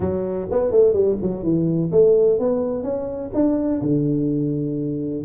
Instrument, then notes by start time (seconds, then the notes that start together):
tuba
0.00 F#3
0.51 B3
0.71 A3
0.93 G3
1.21 F#3
1.43 E3
1.91 A3
2.39 B3
2.83 C#4
3.34 D4
3.82 D3